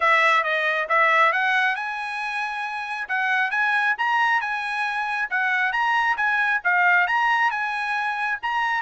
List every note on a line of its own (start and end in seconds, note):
0.00 0.43 E5
0.43 0.87 D#5
0.88 1.32 E5
1.32 1.75 F#5
1.75 3.08 G#5
3.08 3.51 F#5
3.51 3.95 G#5
3.97 4.40 A#5
4.40 5.29 G#5
5.30 5.72 F#5
5.72 6.16 A#5
6.16 6.60 G#5
6.64 7.07 F5
7.07 7.50 A#5
7.50 8.38 G#5
8.42 8.81 A#5